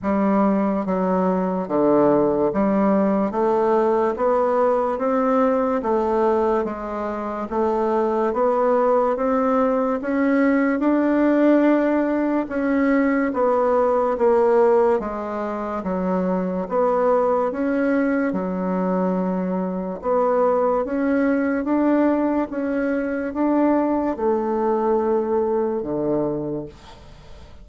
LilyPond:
\new Staff \with { instrumentName = "bassoon" } { \time 4/4 \tempo 4 = 72 g4 fis4 d4 g4 | a4 b4 c'4 a4 | gis4 a4 b4 c'4 | cis'4 d'2 cis'4 |
b4 ais4 gis4 fis4 | b4 cis'4 fis2 | b4 cis'4 d'4 cis'4 | d'4 a2 d4 | }